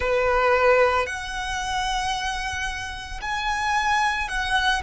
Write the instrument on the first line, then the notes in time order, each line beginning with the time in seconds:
violin
0.00 B4
1.06 F#5
3.21 G#5
4.28 F#5